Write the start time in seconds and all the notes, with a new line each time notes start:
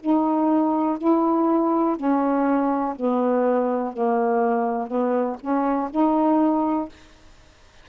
0.00 D#4
0.98 E4
1.97 C#4
2.96 B3
3.93 A#3
4.87 B3
5.41 C#4
5.91 D#4